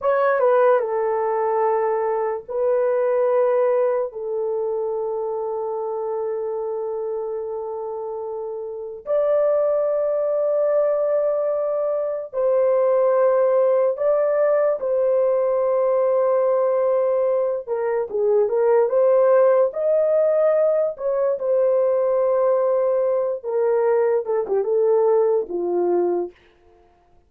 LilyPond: \new Staff \with { instrumentName = "horn" } { \time 4/4 \tempo 4 = 73 cis''8 b'8 a'2 b'4~ | b'4 a'2.~ | a'2. d''4~ | d''2. c''4~ |
c''4 d''4 c''2~ | c''4. ais'8 gis'8 ais'8 c''4 | dis''4. cis''8 c''2~ | c''8 ais'4 a'16 g'16 a'4 f'4 | }